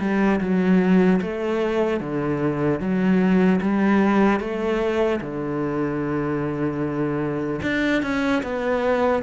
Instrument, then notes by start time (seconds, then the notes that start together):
cello
0.00 G3
0.40 F#3
1.22 A3
2.00 D3
2.80 F#3
3.61 G3
4.40 A3
5.21 D3
7.62 D4
8.02 C#4
8.43 B3